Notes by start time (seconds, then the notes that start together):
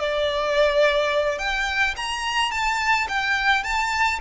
0.00 D5
1.39 G5
1.97 A#5
2.52 A5
3.09 G5
3.64 A5